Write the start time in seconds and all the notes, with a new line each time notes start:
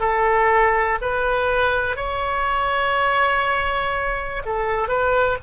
0.00 A4
1.01 B4
1.96 C#5
4.46 A4
4.88 B4